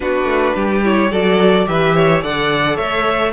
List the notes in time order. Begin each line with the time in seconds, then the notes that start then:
0.00 B3 D4 F#4 B4
0.24 A3
0.55 G3 G4
0.83 E4 C#5
1.11 F#3 F#4 A4 D5
1.65 E3 G4 B4 E5
1.95 C#5
2.21 D3 A4 D5 F#5
2.76 A3 C#5 E5